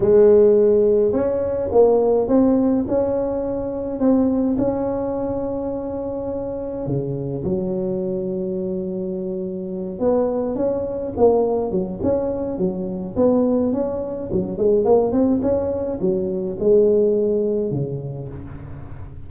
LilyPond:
\new Staff \with { instrumentName = "tuba" } { \time 4/4 \tempo 4 = 105 gis2 cis'4 ais4 | c'4 cis'2 c'4 | cis'1 | cis4 fis2.~ |
fis4. b4 cis'4 ais8~ | ais8 fis8 cis'4 fis4 b4 | cis'4 fis8 gis8 ais8 c'8 cis'4 | fis4 gis2 cis4 | }